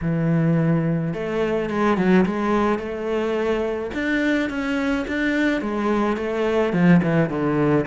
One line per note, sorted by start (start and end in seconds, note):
0.01 1.13 E3
1.13 1.69 A3
1.69 1.97 G#3
1.97 2.25 F#3
2.25 2.78 G#3
2.78 3.90 A3
3.94 4.49 D4
4.49 5.05 C#4
5.07 5.61 D4
5.61 6.16 G#3
6.16 6.72 A3
6.72 7.00 F3
7.02 7.29 E3
7.29 7.85 D3